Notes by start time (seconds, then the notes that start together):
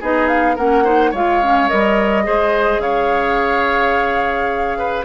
0.00 B3 D#4 G#4 D#5
0.28 F5
0.56 A#3 C#4 A#4 F#5
0.85 D#4 C5
1.11 G#3 F4 C#5 F5
1.43 C#4
1.69 G3 A#4 D#5
2.24 G#3 G#4 C5
2.79 C#3 C#5 F5
4.79 B4